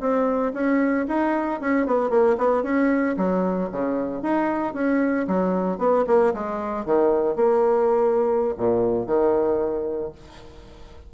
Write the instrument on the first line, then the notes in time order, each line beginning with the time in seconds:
bassoon
0.00 C4
0.53 C#4
1.08 D#4
1.61 C#4
1.86 B3
2.10 A#3
2.38 B3
2.63 C#4
3.17 F#3
3.71 C#3
4.22 D#4
4.74 C#4
5.27 F#3
5.78 B3
6.07 A#3
6.33 G#3
6.85 D#3
7.36 A#3
8.57 A#2
9.06 D#3